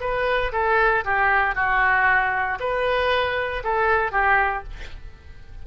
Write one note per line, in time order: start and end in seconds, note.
0.00 0.52 B4
0.52 1.04 A4
1.04 1.55 G4
1.55 2.59 F#4
2.60 3.63 B4
3.63 4.11 A4
4.11 4.63 G4